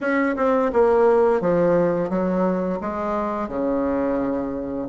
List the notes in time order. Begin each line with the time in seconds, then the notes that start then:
0.00 C#4
0.36 C4
0.72 A#3
1.40 F3
2.09 F#3
2.80 G#3
3.48 C#3